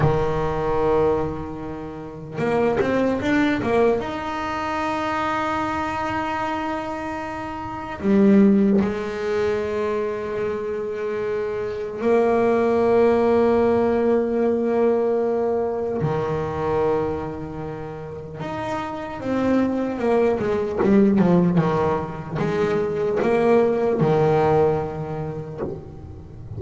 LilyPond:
\new Staff \with { instrumentName = "double bass" } { \time 4/4 \tempo 4 = 75 dis2. ais8 c'8 | d'8 ais8 dis'2.~ | dis'2 g4 gis4~ | gis2. ais4~ |
ais1 | dis2. dis'4 | c'4 ais8 gis8 g8 f8 dis4 | gis4 ais4 dis2 | }